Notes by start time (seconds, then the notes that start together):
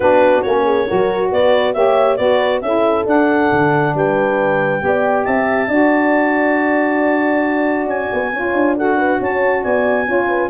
0.00 B3 D4 F#4 B4
0.42 A#3 C#4 C#5
0.64 G#4
0.87 F#3 F#4 A#4
1.32 B3 B4 D5
1.73 A#3 G4 C#5 E5
2.16 B3 F#4 B4 D5
2.61 C#4 E4 A4 E5
3.04 D4 F#5
3.52 D3
3.94 G3 B4 G5
4.79 B3 G4
4.86 D5
5.24 C4 E5 A5
5.68 D4 F#4 D5
7.86 C#4 G#5
8.12 B3
8.33 C#4 F4 C#5
8.53 D4
8.77 F#4 A4 F#5
8.97 B4
9.19 C#4 C#5 A5
9.63 B3 D5 G#5
10.06 C#4 F4 C#5
10.28 B4